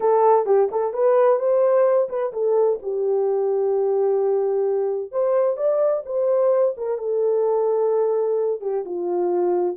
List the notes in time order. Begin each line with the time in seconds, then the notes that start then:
0.00 A4
0.46 G4
0.71 A4
0.93 B4
1.39 C5
2.09 B4
2.33 A4
2.82 G4
5.11 C5
5.56 D5
6.05 C5
6.77 A#4
6.98 A4
8.60 G4
8.85 F4